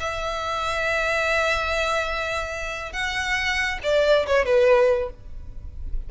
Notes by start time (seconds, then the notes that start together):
0.00 E5
2.93 F#5
3.84 D5
4.27 C#5
4.46 B4